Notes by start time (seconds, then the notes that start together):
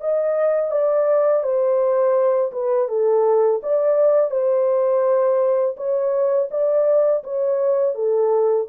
0.00 D#5
0.71 D5
1.43 C5
2.52 B4
2.88 A4
3.62 D5
4.31 C5
5.76 C#5
6.51 D5
7.24 C#5
7.95 A4